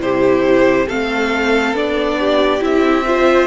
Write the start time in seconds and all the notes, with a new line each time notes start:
0.00 C3 E4 G4 C5
0.87 A3 C4 A4 F5
1.73 B3 D4 D5
2.20 G4
2.60 C4 E4 E5
3.07 F4 C5